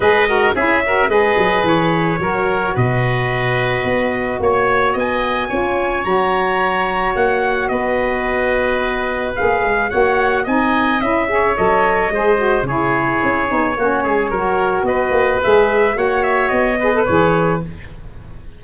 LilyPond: <<
  \new Staff \with { instrumentName = "trumpet" } { \time 4/4 \tempo 4 = 109 dis''4 e''4 dis''4 cis''4~ | cis''4 dis''2. | cis''4 gis''2 ais''4~ | ais''4 fis''4 dis''2~ |
dis''4 f''4 fis''4 gis''4 | e''4 dis''2 cis''4~ | cis''2. dis''4 | e''4 fis''8 e''8 dis''4 cis''4 | }
  \new Staff \with { instrumentName = "oboe" } { \time 4/4 b'8 ais'8 gis'8 ais'8 b'2 | ais'4 b'2. | cis''4 dis''4 cis''2~ | cis''2 b'2~ |
b'2 cis''4 dis''4~ | dis''8 cis''4. c''4 gis'4~ | gis'4 fis'8 gis'8 ais'4 b'4~ | b'4 cis''4. b'4. | }
  \new Staff \with { instrumentName = "saxophone" } { \time 4/4 gis'8 fis'8 e'8 fis'8 gis'2 | fis'1~ | fis'2 f'4 fis'4~ | fis'1~ |
fis'4 gis'4 fis'4 dis'4 | e'8 gis'8 a'4 gis'8 fis'8 e'4~ | e'8 dis'8 cis'4 fis'2 | gis'4 fis'4. gis'16 a'16 gis'4 | }
  \new Staff \with { instrumentName = "tuba" } { \time 4/4 gis4 cis'4 gis8 fis8 e4 | fis4 b,2 b4 | ais4 b4 cis'4 fis4~ | fis4 ais4 b2~ |
b4 ais8 gis8 ais4 c'4 | cis'4 fis4 gis4 cis4 | cis'8 b8 ais8 gis8 fis4 b8 ais8 | gis4 ais4 b4 e4 | }
>>